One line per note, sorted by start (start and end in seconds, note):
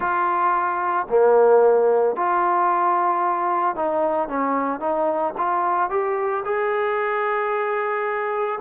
0.00 1.06 F4
1.09 2.15 A#3
2.15 3.75 F4
3.75 4.28 D#4
4.28 4.80 C#4
4.80 5.33 D#4
5.37 5.90 F4
5.90 6.43 G4
6.44 8.59 G#4